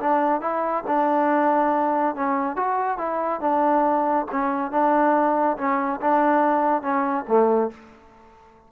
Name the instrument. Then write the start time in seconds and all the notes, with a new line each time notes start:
trombone
0.00 D4
0.41 E4
0.87 D4
2.16 C#4
2.57 F#4
2.98 E4
3.41 D4
4.32 C#4
4.72 D4
5.58 C#4
6.01 D4
6.83 C#4
7.28 A3